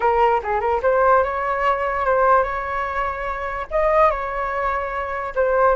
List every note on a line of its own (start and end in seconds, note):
0.00 0.41 A#4
0.43 0.60 G#4
0.60 0.81 A#4
0.82 1.23 C5
1.23 2.05 C#5
2.05 2.43 C5
2.43 3.66 C#5
3.70 4.10 D#5
4.10 5.33 C#5
5.35 5.75 C5